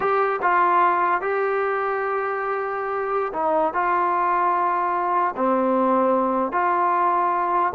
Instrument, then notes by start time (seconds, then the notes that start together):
trombone
0.00 G4
0.42 F4
1.21 G4
3.33 D#4
3.73 F4
5.36 C4
6.52 F4